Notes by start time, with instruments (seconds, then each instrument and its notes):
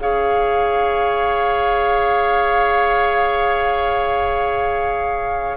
0.00 bassoon C#4, clarinet G#4, oboe C#5, flute F5